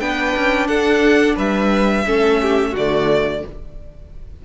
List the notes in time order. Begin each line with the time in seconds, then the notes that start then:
0.00 B3 D4 B4 G5
0.37 C#4
0.68 D4 A4 F#5
1.36 G3 B4 E5
2.06 A3 C#4 A4
2.42 G4
2.72 D3 A3 F#4 D5